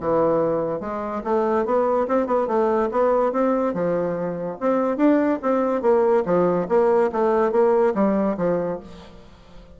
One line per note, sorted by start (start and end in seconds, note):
0.00 0.80 E3
0.80 1.22 G#3
1.24 1.65 A3
1.65 2.07 B3
2.08 2.27 C4
2.27 2.47 B3
2.47 2.89 A3
2.91 3.32 B3
3.32 3.73 C4
3.73 4.57 F3
4.60 4.97 C4
4.97 5.39 D4
5.42 5.82 C4
5.82 6.24 A#3
6.25 6.67 F3
6.69 7.11 A#3
7.12 7.52 A3
7.52 7.94 A#3
7.95 8.36 G3
8.37 8.79 F3